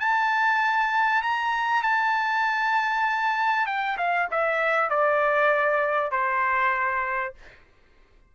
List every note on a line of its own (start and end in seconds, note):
0.00 1.22 A5
1.22 1.83 A#5
1.83 3.67 A5
3.67 3.97 G5
3.97 4.28 F5
4.31 4.90 E5
4.90 6.11 D5
6.11 7.34 C5